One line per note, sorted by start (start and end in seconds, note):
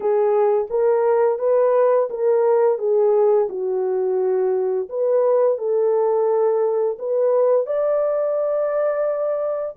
0.00 0.67 G#4
0.70 1.39 A#4
1.39 2.08 B4
2.10 2.78 A#4
2.78 3.48 G#4
3.49 4.88 F#4
4.89 5.58 B4
5.58 6.97 A4
6.99 7.66 B4
7.66 9.75 D5